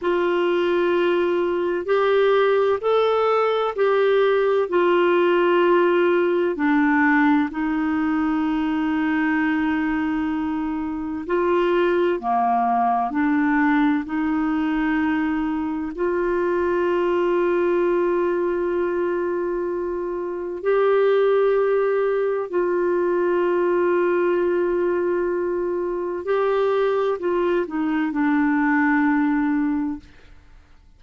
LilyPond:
\new Staff \with { instrumentName = "clarinet" } { \time 4/4 \tempo 4 = 64 f'2 g'4 a'4 | g'4 f'2 d'4 | dis'1 | f'4 ais4 d'4 dis'4~ |
dis'4 f'2.~ | f'2 g'2 | f'1 | g'4 f'8 dis'8 d'2 | }